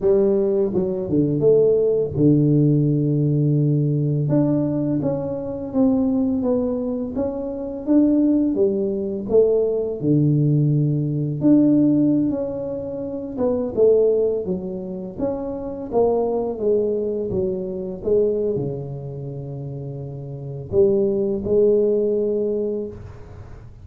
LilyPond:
\new Staff \with { instrumentName = "tuba" } { \time 4/4 \tempo 4 = 84 g4 fis8 d8 a4 d4~ | d2 d'4 cis'4 | c'4 b4 cis'4 d'4 | g4 a4 d2 |
d'4~ d'16 cis'4. b8 a8.~ | a16 fis4 cis'4 ais4 gis8.~ | gis16 fis4 gis8. cis2~ | cis4 g4 gis2 | }